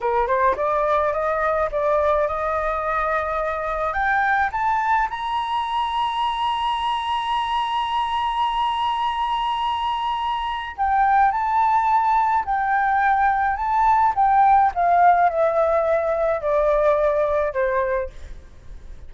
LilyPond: \new Staff \with { instrumentName = "flute" } { \time 4/4 \tempo 4 = 106 ais'8 c''8 d''4 dis''4 d''4 | dis''2. g''4 | a''4 ais''2.~ | ais''1~ |
ais''2. g''4 | a''2 g''2 | a''4 g''4 f''4 e''4~ | e''4 d''2 c''4 | }